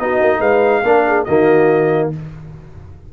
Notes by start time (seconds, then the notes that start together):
0.00 B3 D#4 F#4 D#5
0.21 A#3
0.40 G#3 B4 F5
0.84 A#3 D4 A#4
1.08 G#4
1.25 D#3 A#3 F#4 D#5